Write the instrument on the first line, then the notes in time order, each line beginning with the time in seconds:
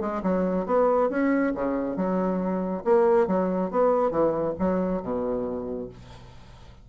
bassoon
0.00 G#3
0.23 F#3
0.66 B3
1.09 C#4
1.55 C#3
1.96 F#3
2.84 A#3
3.27 F#3
3.71 B3
4.10 E3
4.58 F#3
5.02 B2